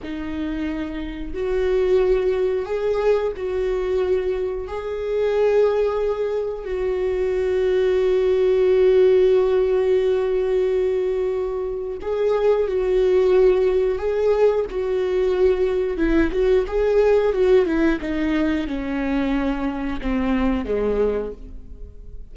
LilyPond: \new Staff \with { instrumentName = "viola" } { \time 4/4 \tempo 4 = 90 dis'2 fis'2 | gis'4 fis'2 gis'4~ | gis'2 fis'2~ | fis'1~ |
fis'2 gis'4 fis'4~ | fis'4 gis'4 fis'2 | e'8 fis'8 gis'4 fis'8 e'8 dis'4 | cis'2 c'4 gis4 | }